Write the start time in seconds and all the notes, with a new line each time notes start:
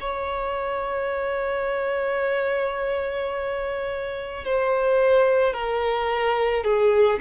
0.00 C#5
4.44 C5
5.54 A#4
6.64 G#4